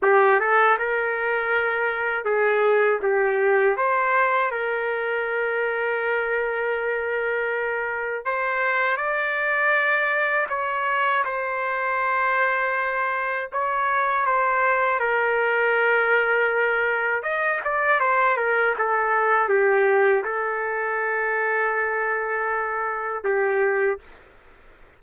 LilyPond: \new Staff \with { instrumentName = "trumpet" } { \time 4/4 \tempo 4 = 80 g'8 a'8 ais'2 gis'4 | g'4 c''4 ais'2~ | ais'2. c''4 | d''2 cis''4 c''4~ |
c''2 cis''4 c''4 | ais'2. dis''8 d''8 | c''8 ais'8 a'4 g'4 a'4~ | a'2. g'4 | }